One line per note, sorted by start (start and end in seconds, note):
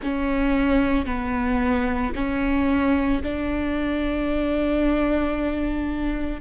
0.02 1.05 C#4
1.05 2.12 B3
2.15 3.22 C#4
3.22 6.40 D4